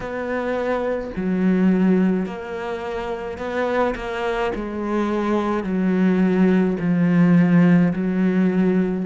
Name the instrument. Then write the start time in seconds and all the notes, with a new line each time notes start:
cello
0.00 B3
1.16 F#3
2.26 A#3
3.38 B3
3.95 A#3
4.55 G#3
5.63 F#3
6.79 F3
7.92 F#3